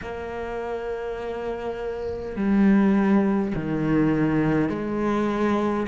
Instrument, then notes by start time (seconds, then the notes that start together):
cello
0.01 A#3
2.35 G3
3.55 D#3
4.68 G#3